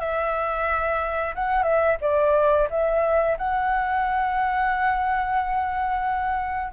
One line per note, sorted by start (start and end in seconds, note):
0.00 1.35 E5
1.35 1.63 F#5
1.63 1.97 E5
2.01 2.68 D5
2.70 3.38 E5
3.38 6.73 F#5